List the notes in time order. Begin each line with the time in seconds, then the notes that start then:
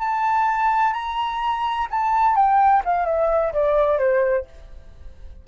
0.00 A5
0.94 A#5
1.91 A5
2.36 G5
2.85 F5
3.06 E5
3.53 D5
3.99 C5